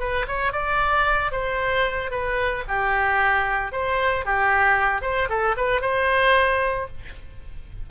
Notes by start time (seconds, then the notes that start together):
0.00 B4
0.28 C#5
0.53 D5
1.32 C5
2.11 B4
2.68 G4
3.72 C5
4.26 G4
5.02 C5
5.30 A4
5.57 B4
5.82 C5